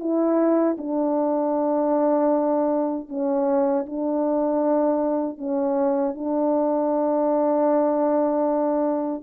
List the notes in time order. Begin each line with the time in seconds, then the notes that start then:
0.00 E4
0.78 D4
3.09 C#4
3.86 D4
5.38 C#4
6.15 D4